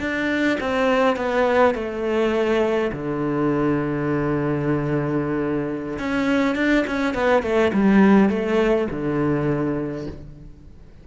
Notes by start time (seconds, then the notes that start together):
0.00 D4
0.61 C4
1.17 B3
1.75 A3
2.93 D3
6.00 C#4
6.56 D4
6.88 C#4
7.15 B3
7.43 A3
7.73 G3
8.30 A3
8.91 D3